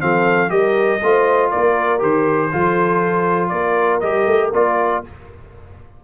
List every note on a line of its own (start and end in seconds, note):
0.00 0.51 F3
0.00 0.49 C4
0.00 0.51 A4
0.00 0.50 F5
0.49 1.01 G3
0.49 0.99 G4
0.49 1.01 A#4
0.49 1.50 D#5
1.02 1.52 A3
1.02 1.99 F4
1.02 1.50 C5
1.50 2.02 A#3
1.50 2.50 A#4
1.50 2.01 D5
1.99 2.52 D#3
1.99 2.49 G4
1.99 3.49 C5
2.52 3.51 F3
2.52 4.02 F4
2.52 3.52 A4
3.49 4.01 A#3
3.49 5.03 A#4
3.49 3.99 D5
4.00 4.27 G3
4.00 4.53 G4
4.00 4.50 D#5
4.27 4.52 A3
4.53 5.03 A#3
4.53 5.04 F4
4.53 5.04 D5